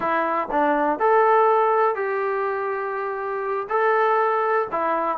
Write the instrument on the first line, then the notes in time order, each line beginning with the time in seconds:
trombone
0.00 E4
0.51 D4
0.99 A4
1.95 G4
3.69 A4
4.71 E4